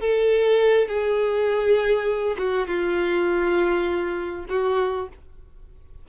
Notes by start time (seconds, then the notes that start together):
0.00 A4
0.88 G#4
2.38 F#4
2.67 F4
4.49 F#4